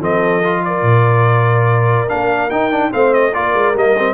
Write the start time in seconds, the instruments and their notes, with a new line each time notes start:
0.00 tuba F3, trombone C4, horn A4, trumpet D#5
0.43 trombone F4
0.64 horn A#4, trumpet D5
0.82 tuba A#2
2.08 tuba A#3, trombone D4, trumpet F5
2.50 tuba D#4, trombone D#4, trumpet G5
2.71 trombone D4
2.91 tuba A3, trombone C4, horn C5, trumpet F5
3.13 trumpet D#5
3.33 tuba A#3, trombone F4, horn A#4, trumpet D5
3.54 tuba G#3
3.74 tuba G3, trombone A#3, trumpet D#5
3.98 trombone C4